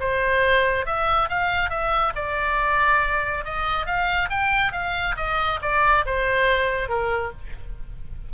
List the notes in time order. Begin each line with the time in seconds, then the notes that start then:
0.00 C5
0.86 E5
1.29 F5
1.70 E5
2.15 D5
3.44 D#5
3.86 F5
4.30 G5
4.72 F5
5.17 D#5
5.62 D5
6.06 C5
6.89 A#4